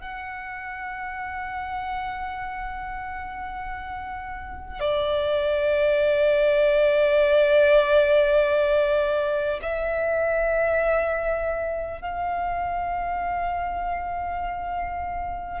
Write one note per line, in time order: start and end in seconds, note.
0.00 4.80 F#5
4.80 9.60 D5
9.62 12.01 E5
12.01 15.60 F5